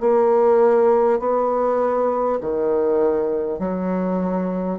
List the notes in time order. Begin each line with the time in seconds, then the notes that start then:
0.00 A#3
1.19 B3
2.41 D#3
3.59 F#3